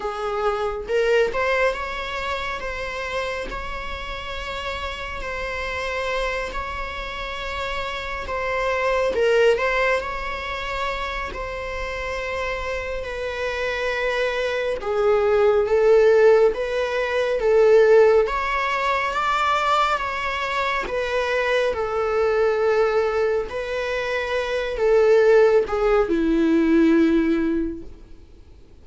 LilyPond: \new Staff \with { instrumentName = "viola" } { \time 4/4 \tempo 4 = 69 gis'4 ais'8 c''8 cis''4 c''4 | cis''2 c''4. cis''8~ | cis''4. c''4 ais'8 c''8 cis''8~ | cis''4 c''2 b'4~ |
b'4 gis'4 a'4 b'4 | a'4 cis''4 d''4 cis''4 | b'4 a'2 b'4~ | b'8 a'4 gis'8 e'2 | }